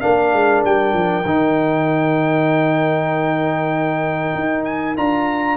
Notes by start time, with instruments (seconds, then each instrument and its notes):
0.00 tuba A#3, trombone D4, horn A#4, trumpet F5
0.33 tuba G#3
0.65 tuba G3, trumpet G5
0.93 tuba F3
1.25 tuba D#3, trombone D#4
4.35 tuba D#4
4.65 trumpet G#5
4.96 tuba D4, trombone F4, trumpet A#5